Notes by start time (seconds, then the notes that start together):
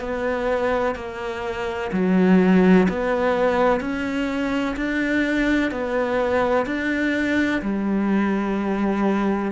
0.00 B3
0.95 A#3
1.92 F#3
2.89 B3
3.81 C#4
4.77 D4
5.71 B3
6.66 D4
7.61 G3